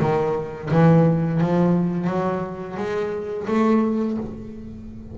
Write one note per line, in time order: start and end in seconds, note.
0.00 0.70 D#3
0.71 1.41 E3
1.41 2.07 F3
2.07 2.77 F#3
2.77 3.47 G#3
3.48 4.18 A3